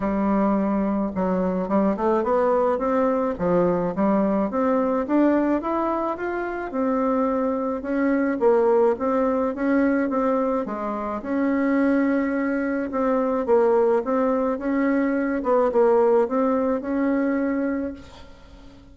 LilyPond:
\new Staff \with { instrumentName = "bassoon" } { \time 4/4 \tempo 4 = 107 g2 fis4 g8 a8 | b4 c'4 f4 g4 | c'4 d'4 e'4 f'4 | c'2 cis'4 ais4 |
c'4 cis'4 c'4 gis4 | cis'2. c'4 | ais4 c'4 cis'4. b8 | ais4 c'4 cis'2 | }